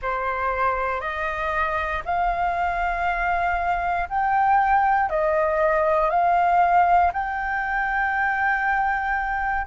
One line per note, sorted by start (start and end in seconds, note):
0.02 1.00 C5
1.00 2.02 D#5
2.05 4.08 F5
4.09 5.09 G5
5.09 6.10 D#5
6.10 7.11 F5
7.12 9.67 G5